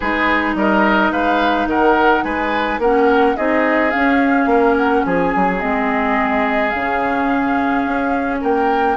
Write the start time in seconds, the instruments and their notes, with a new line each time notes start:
0.00 bassoon G#3, clarinet D#4, oboe G#4, flute B4
0.54 bassoon G3, oboe A#4, flute D#5
1.11 bassoon G#3, oboe B4, flute F5
1.66 bassoon D#3, oboe A#4, flute F#5
2.23 bassoon G#3, oboe B4, flute G#5
2.78 bassoon A#3, clarinet C#4, oboe A#4, flute F#5
3.36 bassoon C4, clarinet D#4, oboe G#4, flute D#5
3.91 clarinet C#4, bassoon C#4, flute F5
4.46 bassoon A#3, oboe A#4
4.77 flute F#5
5.05 bassoon F3, oboe G#4, flute G#5
5.35 bassoon F#3
5.59 bassoon G#3, clarinet C4, flute D#5
6.69 bassoon C#3, flute F5
6.75 clarinet C#4
7.86 bassoon C#4
8.40 bassoon A#3, oboe A#4, flute G5